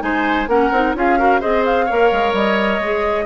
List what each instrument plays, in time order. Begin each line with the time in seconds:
0.00 bassoon G#3, clarinet D#4, oboe C5, flute G#5
0.48 bassoon A#3, clarinet C#4, oboe A#4, flute F#5
0.72 bassoon C4, clarinet D#4
0.95 bassoon C#4, clarinet F4, oboe G#4, flute F5
1.19 clarinet F#4, oboe A#4
1.41 bassoon C4, clarinet G#4, oboe C5, flute D#5
1.65 flute F5
1.86 bassoon A#3, clarinet A#4, oboe C#5
2.12 bassoon G#3
2.33 bassoon G3, flute D#5
2.80 bassoon G#3, clarinet G#4